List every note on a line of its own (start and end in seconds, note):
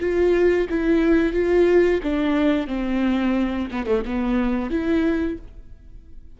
0.00 0.67 F4
0.70 1.33 E4
1.33 2.00 F4
2.03 2.67 D4
2.67 3.68 C4
3.71 3.86 B3
3.86 4.03 A3
4.05 4.70 B3
4.70 5.38 E4